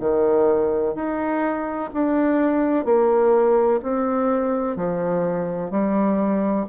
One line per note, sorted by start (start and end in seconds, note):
0.00 0.95 D#3
0.95 1.90 D#4
1.93 2.85 D4
2.85 3.80 A#3
3.83 4.76 C4
4.76 5.71 F3
5.71 6.66 G3